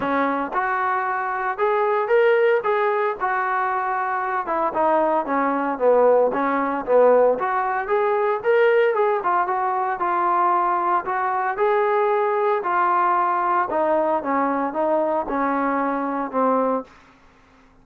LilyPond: \new Staff \with { instrumentName = "trombone" } { \time 4/4 \tempo 4 = 114 cis'4 fis'2 gis'4 | ais'4 gis'4 fis'2~ | fis'8 e'8 dis'4 cis'4 b4 | cis'4 b4 fis'4 gis'4 |
ais'4 gis'8 f'8 fis'4 f'4~ | f'4 fis'4 gis'2 | f'2 dis'4 cis'4 | dis'4 cis'2 c'4 | }